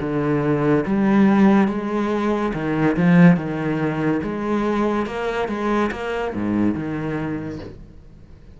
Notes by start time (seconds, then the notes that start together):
0.00 D3
0.86 G3
1.68 G#3
2.54 D#3
2.97 F3
3.36 D#3
4.23 G#3
5.06 A#3
5.48 G#3
5.91 A#3
6.35 G#2
6.75 D#3